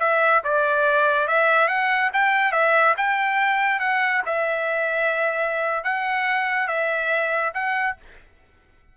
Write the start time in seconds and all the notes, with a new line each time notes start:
0.00 E5
0.44 D5
1.28 E5
1.68 F#5
2.14 G5
2.52 E5
2.98 G5
3.80 F#5
4.26 E5
5.85 F#5
6.68 E5
7.54 F#5